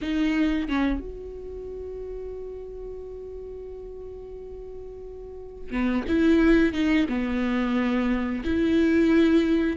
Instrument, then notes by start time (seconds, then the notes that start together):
viola
0.01 D#4
0.68 C#4
1.00 F#4
5.70 B3
6.08 E4
6.73 D#4
7.08 B3
8.44 E4